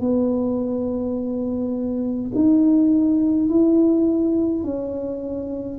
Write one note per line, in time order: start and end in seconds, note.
0.00 2.31 B3
2.34 3.49 D#4
3.49 4.64 E4
4.64 5.79 C#4